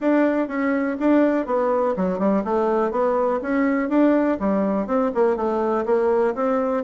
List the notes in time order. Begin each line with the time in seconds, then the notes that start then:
0.00 D4
0.48 C#4
0.99 D4
1.46 B3
1.96 F#3
2.18 G3
2.44 A3
2.91 B3
3.42 C#4
3.89 D4
4.39 G3
4.86 C4
5.14 A#3
5.36 A3
5.85 A#3
6.34 C4